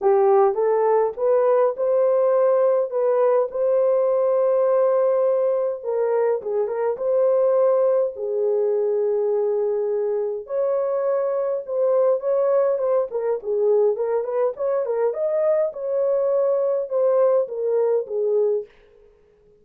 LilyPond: \new Staff \with { instrumentName = "horn" } { \time 4/4 \tempo 4 = 103 g'4 a'4 b'4 c''4~ | c''4 b'4 c''2~ | c''2 ais'4 gis'8 ais'8 | c''2 gis'2~ |
gis'2 cis''2 | c''4 cis''4 c''8 ais'8 gis'4 | ais'8 b'8 cis''8 ais'8 dis''4 cis''4~ | cis''4 c''4 ais'4 gis'4 | }